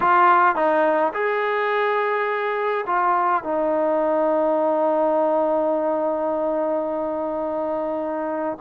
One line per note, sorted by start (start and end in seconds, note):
0.00 0.55 F4
0.55 1.12 D#4
1.13 2.85 G#4
2.86 3.43 F4
3.43 8.57 D#4